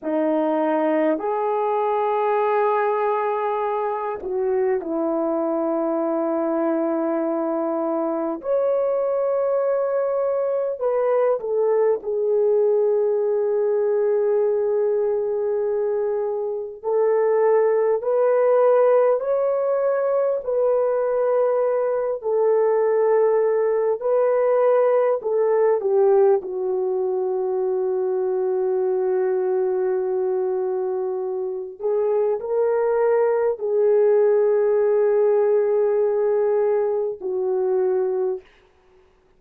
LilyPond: \new Staff \with { instrumentName = "horn" } { \time 4/4 \tempo 4 = 50 dis'4 gis'2~ gis'8 fis'8 | e'2. cis''4~ | cis''4 b'8 a'8 gis'2~ | gis'2 a'4 b'4 |
cis''4 b'4. a'4. | b'4 a'8 g'8 fis'2~ | fis'2~ fis'8 gis'8 ais'4 | gis'2. fis'4 | }